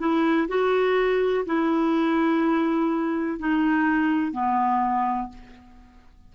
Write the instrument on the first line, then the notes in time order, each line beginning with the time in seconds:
clarinet
0.00 E4
0.49 F#4
1.46 E4
3.39 D#4
4.33 B3